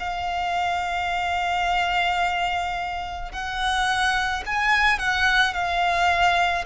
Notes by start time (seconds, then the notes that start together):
0.00 F5
3.33 F#5
4.46 G#5
4.99 F#5
5.54 F5